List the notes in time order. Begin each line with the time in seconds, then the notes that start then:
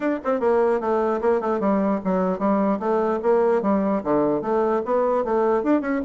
0.00 D4
0.24 C4
0.40 A#3
0.80 A3
1.21 A#3
1.40 A3
1.59 G3
2.04 F#3
2.39 G3
2.79 A3
3.22 A#3
3.62 G3
4.03 D3
4.41 A3
4.85 B3
5.24 A3
5.63 D4
5.81 C#4